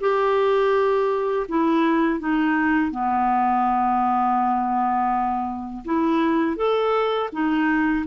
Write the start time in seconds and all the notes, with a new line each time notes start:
0.00 G4
1.48 E4
2.19 D#4
2.91 B3
5.85 E4
6.56 A4
7.32 D#4